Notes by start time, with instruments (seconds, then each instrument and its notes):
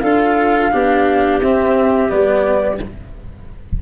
0.00 tuba D4, cello F4, clarinet A4, flute F5
0.72 tuba B3, cello D4, clarinet G4
1.41 tuba C4, cello C4, flute E5
2.09 tuba G3, cello B3, flute D5